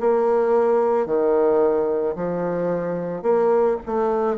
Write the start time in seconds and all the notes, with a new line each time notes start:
0.00 A#3
1.06 D#3
2.15 F3
3.22 A#3
3.86 A3